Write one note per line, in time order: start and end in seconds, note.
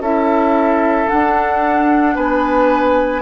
0.00 1.07 C#4
0.00 1.08 E4
0.00 2.15 A4
0.00 1.09 E5
1.08 3.22 D4
1.08 2.17 D4
1.08 2.16 F#5
2.15 3.22 B3
2.15 3.22 B4
2.15 3.22 G#5